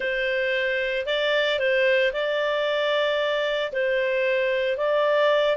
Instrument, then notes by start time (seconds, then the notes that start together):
clarinet
0.00 C5
1.06 D5
1.59 C5
2.12 D5
3.72 C5
4.77 D5